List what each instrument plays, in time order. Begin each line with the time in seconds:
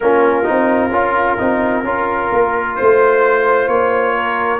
0.00 tuba A#3, trombone C#4, horn F4, trumpet A#4
0.43 trombone D#4
0.49 tuba C4
0.90 tuba C#4, trombone F4
1.38 tuba C4, trombone D#4
1.83 tuba C#4, trombone F4, horn A#4
2.32 tuba A#3
2.76 tuba A3, trumpet C5, horn C5
3.68 tuba A#3, trumpet C#5
4.15 horn A#4